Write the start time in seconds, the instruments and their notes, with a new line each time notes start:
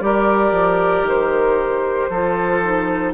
0.00 bassoon G3, clarinet G4, oboe A#4, flute D5
0.51 bassoon F3
1.03 bassoon D#3, flute C5
2.09 bassoon F3, clarinet F4, oboe A4
2.63 clarinet D#4